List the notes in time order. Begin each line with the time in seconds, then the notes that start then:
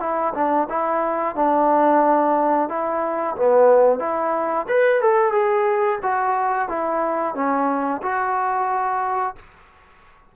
0.00 E4
0.35 D4
0.70 E4
1.36 D4
2.69 E4
3.36 B3
4.00 E4
4.68 B4
5.02 A4
5.32 G#4
6.03 F#4
6.68 E4
7.35 C#4
8.02 F#4